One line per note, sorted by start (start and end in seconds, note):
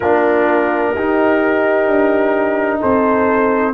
0.00 0.94 A#3
0.00 0.96 D4
0.00 0.93 F4
0.00 2.79 A#4
0.94 1.87 D#4
0.94 3.73 D#4
0.94 2.79 G4
1.87 2.81 D4
2.79 3.73 C4
2.79 3.73 A4
2.79 3.73 C5